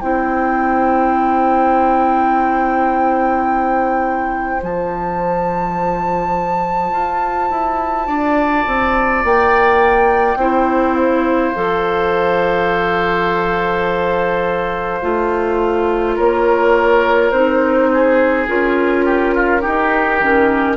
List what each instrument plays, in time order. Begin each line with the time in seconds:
0.00 bassoon C4, clarinet E4, oboe C5, flute G5
4.62 bassoon F3, clarinet F4, flute A5
6.92 bassoon F4
7.50 bassoon E4
8.07 bassoon D4, oboe D5
8.67 bassoon C4
9.24 bassoon A#3, flute G5
10.35 bassoon C4, clarinet E4, oboe C5
10.95 flute F5
11.55 bassoon F3, clarinet A4
15.01 bassoon A3, clarinet F4
16.16 bassoon A#3, oboe A#4, flute C#5
17.31 bassoon C4, clarinet D#4, flute C5
17.93 oboe G#4
18.47 bassoon C#4, clarinet F4, flute A#4
19.05 oboe G4
19.35 oboe F4
19.60 clarinet D#4, oboe G4
19.66 bassoon D#4
20.20 bassoon D#3, clarinet C#4